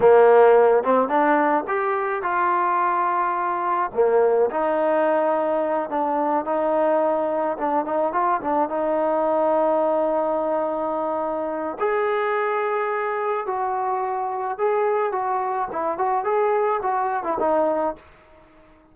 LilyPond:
\new Staff \with { instrumentName = "trombone" } { \time 4/4 \tempo 4 = 107 ais4. c'8 d'4 g'4 | f'2. ais4 | dis'2~ dis'8 d'4 dis'8~ | dis'4. d'8 dis'8 f'8 d'8 dis'8~ |
dis'1~ | dis'4 gis'2. | fis'2 gis'4 fis'4 | e'8 fis'8 gis'4 fis'8. e'16 dis'4 | }